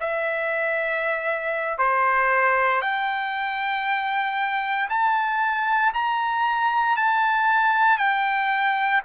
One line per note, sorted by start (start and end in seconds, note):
0.00 1.78 E5
1.78 2.81 C5
2.81 4.88 G5
4.89 5.92 A5
5.93 6.96 A#5
6.96 7.97 A5
7.97 9.01 G5